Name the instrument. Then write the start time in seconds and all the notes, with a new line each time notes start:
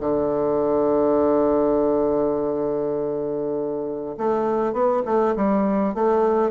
bassoon
0.00 D3
4.17 A3
4.73 B3
5.05 A3
5.36 G3
5.94 A3